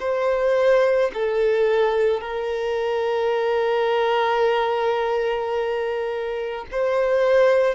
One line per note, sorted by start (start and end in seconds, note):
0.00 1.11 C5
1.14 2.21 A4
2.21 6.66 A#4
6.71 7.75 C5